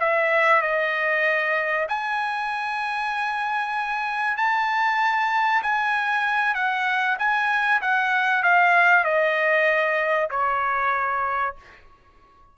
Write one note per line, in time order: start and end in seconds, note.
0.00 0.62 E5
0.62 1.87 D#5
1.89 4.38 G#5
4.38 5.62 A5
5.63 6.55 G#5
6.55 7.17 F#5
7.19 7.81 G#5
7.82 8.43 F#5
8.43 9.05 F5
9.05 10.30 D#5
10.31 11.56 C#5